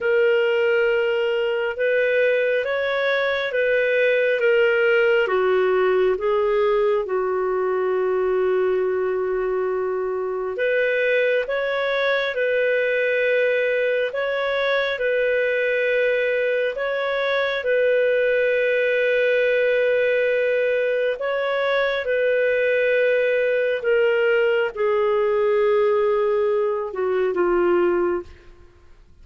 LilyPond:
\new Staff \with { instrumentName = "clarinet" } { \time 4/4 \tempo 4 = 68 ais'2 b'4 cis''4 | b'4 ais'4 fis'4 gis'4 | fis'1 | b'4 cis''4 b'2 |
cis''4 b'2 cis''4 | b'1 | cis''4 b'2 ais'4 | gis'2~ gis'8 fis'8 f'4 | }